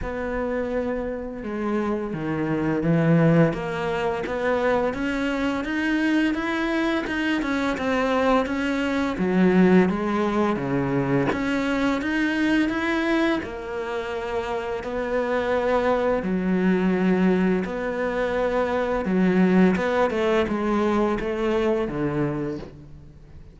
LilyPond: \new Staff \with { instrumentName = "cello" } { \time 4/4 \tempo 4 = 85 b2 gis4 dis4 | e4 ais4 b4 cis'4 | dis'4 e'4 dis'8 cis'8 c'4 | cis'4 fis4 gis4 cis4 |
cis'4 dis'4 e'4 ais4~ | ais4 b2 fis4~ | fis4 b2 fis4 | b8 a8 gis4 a4 d4 | }